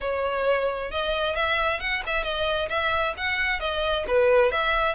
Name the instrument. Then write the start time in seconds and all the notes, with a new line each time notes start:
violin
0.00 C#5
0.91 D#5
1.35 E5
1.80 F#5
2.06 E5
2.23 D#5
2.69 E5
3.17 F#5
3.59 D#5
4.07 B4
4.51 E5